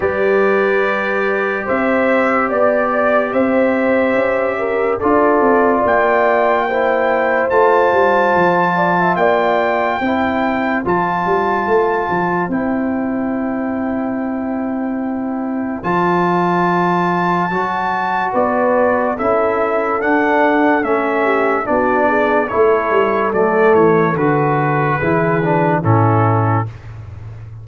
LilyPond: <<
  \new Staff \with { instrumentName = "trumpet" } { \time 4/4 \tempo 4 = 72 d''2 e''4 d''4 | e''2 d''4 g''4~ | g''4 a''2 g''4~ | g''4 a''2 g''4~ |
g''2. a''4~ | a''2 d''4 e''4 | fis''4 e''4 d''4 cis''4 | d''8 cis''8 b'2 a'4 | }
  \new Staff \with { instrumentName = "horn" } { \time 4/4 b'2 c''4 d''4 | c''4. ais'8 a'4 d''4 | c''2~ c''8 d''16 e''16 d''4 | c''1~ |
c''1~ | c''2 b'4 a'4~ | a'4. g'8 fis'8 gis'8 a'4~ | a'2 gis'4 e'4 | }
  \new Staff \with { instrumentName = "trombone" } { \time 4/4 g'1~ | g'2 f'2 | e'4 f'2. | e'4 f'2 e'4~ |
e'2. f'4~ | f'4 fis'2 e'4 | d'4 cis'4 d'4 e'4 | a4 fis'4 e'8 d'8 cis'4 | }
  \new Staff \with { instrumentName = "tuba" } { \time 4/4 g2 c'4 b4 | c'4 cis'4 d'8 c'8 ais4~ | ais4 a8 g8 f4 ais4 | c'4 f8 g8 a8 f8 c'4~ |
c'2. f4~ | f4 fis4 b4 cis'4 | d'4 a4 b4 a8 g8 | fis8 e8 d4 e4 a,4 | }
>>